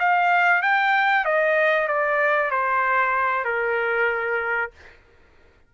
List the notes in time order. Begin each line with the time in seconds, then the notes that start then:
0.00 F5
0.62 G5
1.25 D#5
1.88 D5
2.51 C5
3.45 A#4